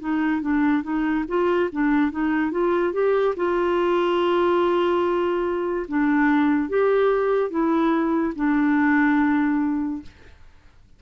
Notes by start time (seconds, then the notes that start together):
0.00 D#4
0.42 D4
0.83 D#4
1.28 F4
1.72 D4
2.11 D#4
2.52 F4
2.93 G4
3.36 F4
5.89 D4
6.69 G4
7.50 E4
8.36 D4